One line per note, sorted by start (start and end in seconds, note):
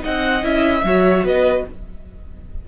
0.00 0.41 D#4
0.00 0.85 D#5
0.00 0.45 F#5
0.07 0.44 C4
0.43 0.84 C#4
0.43 0.83 E4
0.43 1.26 E5
0.84 1.24 F#3
0.84 1.67 F#4
0.84 1.25 C#5
1.24 1.64 B3
1.24 1.65 B4
1.24 1.68 D#5